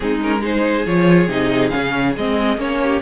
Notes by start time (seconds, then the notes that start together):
0.00 G#3 C4 D#4 G#4
0.22 C#4 A#4
0.40 D#4 G#4 C5
0.86 F3 F4 C#5
1.27 C3 D#4 D#5
1.69 C#3 C#4 F5
2.16 G#3 C4 D#5
2.57 A#3 C#4 C#5
2.82 G4